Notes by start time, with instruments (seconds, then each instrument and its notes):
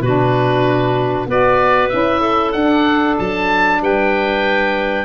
0.00 tuba B2, saxophone D4, clarinet F#4, oboe B4
1.26 tuba B3, saxophone F#4, clarinet B4, oboe D5
1.89 tuba C#4, saxophone E4, oboe E5
2.20 clarinet A4
2.52 tuba D4, saxophone D4, oboe F#5
3.19 tuba F#3, oboe A5
3.81 tuba G3, clarinet B4, oboe G5